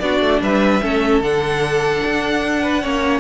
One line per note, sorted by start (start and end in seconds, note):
0.00 0.21 B3
0.00 0.81 D4
0.00 0.43 F#4
0.00 0.40 D5
0.21 0.41 A3
0.41 0.82 G3
0.41 0.83 B4
0.41 1.22 E5
0.81 1.21 A3
0.81 1.22 C#4
0.81 2.62 A4
1.21 2.02 D3
1.21 2.82 D4
1.21 3.20 F#5
2.04 2.84 D4
2.62 2.82 B4
2.82 3.20 A#3
2.82 3.20 C#4
2.82 3.20 C#5